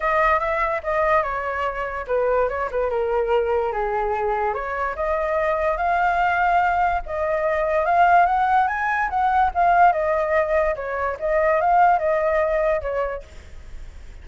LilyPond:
\new Staff \with { instrumentName = "flute" } { \time 4/4 \tempo 4 = 145 dis''4 e''4 dis''4 cis''4~ | cis''4 b'4 cis''8 b'8 ais'4~ | ais'4 gis'2 cis''4 | dis''2 f''2~ |
f''4 dis''2 f''4 | fis''4 gis''4 fis''4 f''4 | dis''2 cis''4 dis''4 | f''4 dis''2 cis''4 | }